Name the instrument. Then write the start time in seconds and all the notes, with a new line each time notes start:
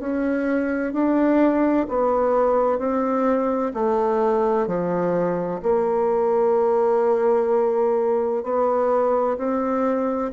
bassoon
0.00 C#4
0.93 D4
1.89 B3
2.79 C4
3.74 A3
4.67 F3
5.63 A#3
8.44 B3
9.38 C4